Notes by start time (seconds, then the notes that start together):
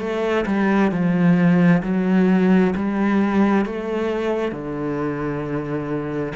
0.00 A3
0.47 G3
0.92 F3
1.83 F#3
2.76 G3
3.66 A3
4.52 D3